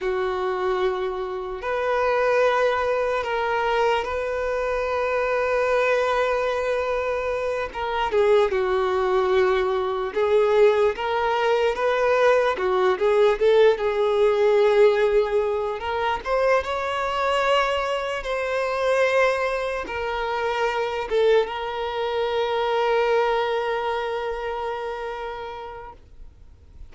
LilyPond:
\new Staff \with { instrumentName = "violin" } { \time 4/4 \tempo 4 = 74 fis'2 b'2 | ais'4 b'2.~ | b'4. ais'8 gis'8 fis'4.~ | fis'8 gis'4 ais'4 b'4 fis'8 |
gis'8 a'8 gis'2~ gis'8 ais'8 | c''8 cis''2 c''4.~ | c''8 ais'4. a'8 ais'4.~ | ais'1 | }